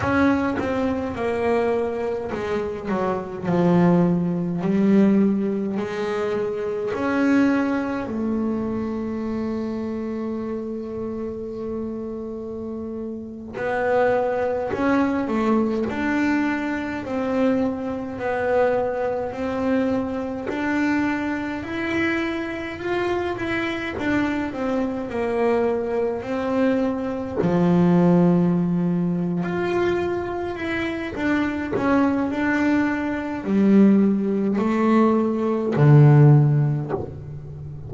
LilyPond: \new Staff \with { instrumentName = "double bass" } { \time 4/4 \tempo 4 = 52 cis'8 c'8 ais4 gis8 fis8 f4 | g4 gis4 cis'4 a4~ | a2.~ a8. b16~ | b8. cis'8 a8 d'4 c'4 b16~ |
b8. c'4 d'4 e'4 f'16~ | f'16 e'8 d'8 c'8 ais4 c'4 f16~ | f4. f'4 e'8 d'8 cis'8 | d'4 g4 a4 d4 | }